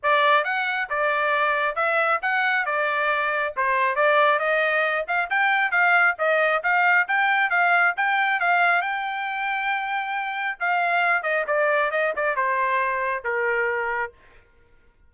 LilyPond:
\new Staff \with { instrumentName = "trumpet" } { \time 4/4 \tempo 4 = 136 d''4 fis''4 d''2 | e''4 fis''4 d''2 | c''4 d''4 dis''4. f''8 | g''4 f''4 dis''4 f''4 |
g''4 f''4 g''4 f''4 | g''1 | f''4. dis''8 d''4 dis''8 d''8 | c''2 ais'2 | }